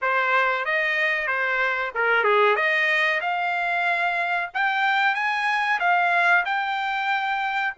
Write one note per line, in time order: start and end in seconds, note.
0.01 0.65 C5
0.65 1.27 D#5
1.27 1.91 C5
1.94 2.24 A#4
2.24 2.56 G#4
2.56 3.20 D#5
3.21 4.50 F5
4.54 5.14 G5
5.14 5.79 G#5
5.79 6.44 F5
6.45 7.74 G5